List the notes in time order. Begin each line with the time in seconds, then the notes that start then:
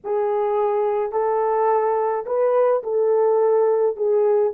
0.04 G#4
1.12 A4
2.26 B4
2.83 A4
3.96 G#4